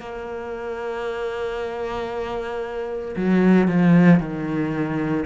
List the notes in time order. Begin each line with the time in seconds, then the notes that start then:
0.00 A#3
3.17 F#3
3.68 F3
4.21 D#3